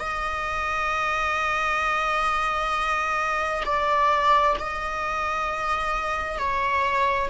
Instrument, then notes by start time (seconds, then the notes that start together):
viola
0.00 D#5
3.65 D5
4.60 D#5
6.38 C#5